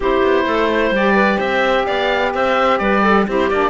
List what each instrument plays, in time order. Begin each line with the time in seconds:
0.00 cello C4, saxophone E4, clarinet G4, oboe C5
0.22 cello B3
0.45 cello A3, clarinet A4
0.71 clarinet C5
0.90 cello G3, saxophone G4, oboe D5
1.15 clarinet B4
1.37 cello C4, clarinet C5, oboe E5
1.85 cello B3, clarinet D5, oboe F5
2.34 cello C4, clarinet C5, oboe E5
2.78 cello G3, clarinet B4, oboe D5
3.02 clarinet A4
3.27 cello C4, saxophone E4, clarinet G4, oboe C5
3.49 cello A#3, saxophone D4, oboe D5